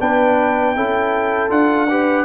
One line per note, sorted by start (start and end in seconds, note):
0.00 0.77 B3
0.00 0.76 D4
0.00 0.76 B4
0.00 1.51 G5
0.76 1.51 C#4
0.76 1.50 E4
0.76 1.90 A4
1.50 2.25 D4
1.50 1.88 F4
1.50 2.25 F#5
1.90 2.25 G4
1.90 2.25 B4